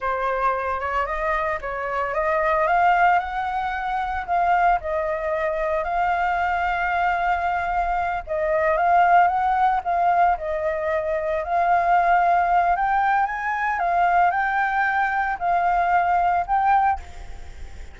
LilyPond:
\new Staff \with { instrumentName = "flute" } { \time 4/4 \tempo 4 = 113 c''4. cis''8 dis''4 cis''4 | dis''4 f''4 fis''2 | f''4 dis''2 f''4~ | f''2.~ f''8 dis''8~ |
dis''8 f''4 fis''4 f''4 dis''8~ | dis''4. f''2~ f''8 | g''4 gis''4 f''4 g''4~ | g''4 f''2 g''4 | }